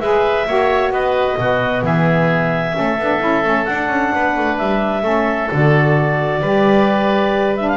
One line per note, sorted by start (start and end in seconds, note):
0.00 0.46 G#3
0.00 0.46 G#4
0.00 0.48 B4
0.00 0.92 E5
0.46 0.91 A#3
0.46 1.38 F#4
0.46 0.93 C#5
0.91 1.37 B3
0.91 1.39 B4
0.91 1.84 D#5
1.38 1.83 B2
1.38 2.74 B3
1.38 1.85 F#4
1.83 2.75 E3
1.83 2.76 G#4
1.83 3.65 E5
2.74 2.99 A3
2.74 2.97 C#4
2.74 4.15 A4
2.99 3.21 B3
2.99 3.21 D4
3.21 3.44 C#4
3.21 3.44 E4
3.44 3.67 A3
3.44 3.67 C#4
3.65 3.88 D4
3.65 5.02 D4
3.65 4.57 F#5
3.88 4.11 C#4
4.15 4.37 B3
4.15 5.03 B4
4.37 4.59 A3
4.58 5.03 G3
4.58 5.49 E5
5.02 5.48 A3
5.02 5.48 C#4
5.02 6.40 A4
5.52 6.42 D3
5.52 6.43 F#4
5.52 7.57 D5
6.42 7.77 G3
6.42 7.57 G4
6.42 7.77 B4
7.57 7.77 D4
7.57 7.68 E5
7.68 7.77 F5